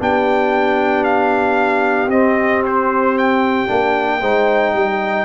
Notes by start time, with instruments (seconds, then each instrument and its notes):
0.00 tuba B3, trombone D4, horn G4, trumpet G5
1.04 trumpet F5
2.08 tuba C4, trombone C4, trumpet D#5
2.66 trumpet C5
3.18 trumpet G5
3.67 tuba A#3, trombone D4
4.20 tuba G#3, trombone D#4, horn C5
4.73 tuba G3, horn D#5